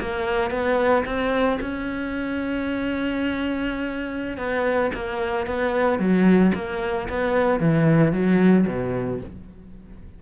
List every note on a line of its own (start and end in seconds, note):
0.00 0.50 A#3
0.50 1.04 B3
1.05 1.59 C4
1.61 4.37 C#4
4.37 4.91 B3
4.94 5.46 A#3
5.46 5.99 B3
5.99 6.52 F#3
6.55 7.08 A#3
7.09 7.60 B3
7.60 8.12 E3
8.12 8.66 F#3
8.67 9.20 B2